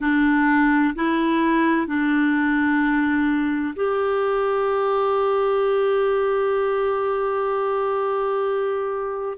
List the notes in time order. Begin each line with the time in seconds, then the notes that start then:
0.00 D4
0.95 E4
1.86 D4
3.75 G4